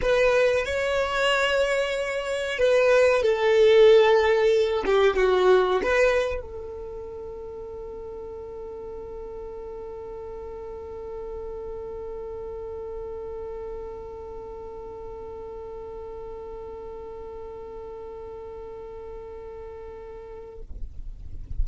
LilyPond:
\new Staff \with { instrumentName = "violin" } { \time 4/4 \tempo 4 = 93 b'4 cis''2. | b'4 a'2~ a'8 g'8 | fis'4 b'4 a'2~ | a'1~ |
a'1~ | a'1~ | a'1~ | a'1 | }